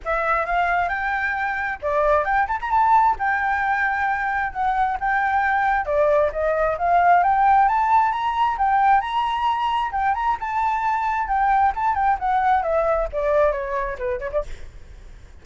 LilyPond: \new Staff \with { instrumentName = "flute" } { \time 4/4 \tempo 4 = 133 e''4 f''4 g''2 | d''4 g''8 a''16 ais''16 a''4 g''4~ | g''2 fis''4 g''4~ | g''4 d''4 dis''4 f''4 |
g''4 a''4 ais''4 g''4 | ais''2 g''8 ais''8 a''4~ | a''4 g''4 a''8 g''8 fis''4 | e''4 d''4 cis''4 b'8 cis''16 d''16 | }